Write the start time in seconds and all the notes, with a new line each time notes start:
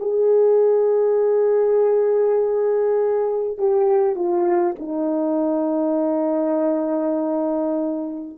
0.00 G#4
3.57 G4
4.15 F4
4.79 D#4